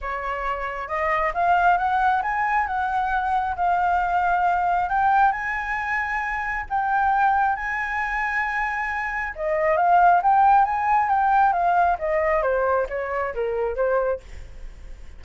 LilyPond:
\new Staff \with { instrumentName = "flute" } { \time 4/4 \tempo 4 = 135 cis''2 dis''4 f''4 | fis''4 gis''4 fis''2 | f''2. g''4 | gis''2. g''4~ |
g''4 gis''2.~ | gis''4 dis''4 f''4 g''4 | gis''4 g''4 f''4 dis''4 | c''4 cis''4 ais'4 c''4 | }